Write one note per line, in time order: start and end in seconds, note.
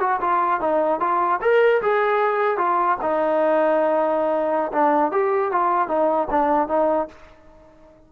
0.00 0.20 F#4
0.21 0.61 F4
0.61 1.00 D#4
1.00 1.40 F4
1.41 1.81 A#4
1.82 2.58 G#4
2.58 2.98 F4
3.02 4.72 D#4
4.72 5.12 D4
5.12 5.52 G4
5.52 5.88 F4
5.88 6.28 D#4
6.31 6.68 D4
6.68 7.08 D#4